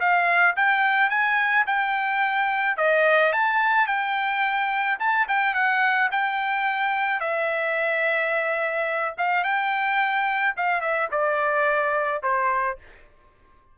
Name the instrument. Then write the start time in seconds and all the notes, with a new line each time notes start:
trumpet
0.00 F5
0.57 G5
1.10 G#5
1.67 G5
2.78 D#5
3.33 A5
3.87 G5
5.00 A5
5.29 G5
5.54 F#5
6.12 G5
7.21 E5
9.18 F5
9.44 G5
10.57 F5
10.81 E5
11.12 D5
12.23 C5